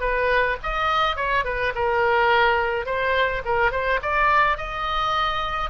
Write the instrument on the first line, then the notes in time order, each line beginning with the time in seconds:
oboe
0.00 B4
0.63 D#5
1.16 C#5
1.45 B4
1.75 A#4
2.86 C5
3.45 A#4
3.72 C5
4.02 D5
4.57 D#5